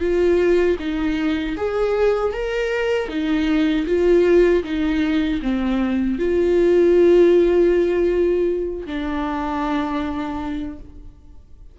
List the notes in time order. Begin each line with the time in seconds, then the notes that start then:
0.00 F4
0.79 D#4
1.57 G#4
2.34 A#4
3.09 D#4
3.86 F4
4.64 D#4
5.42 C4
6.19 F4
8.86 D4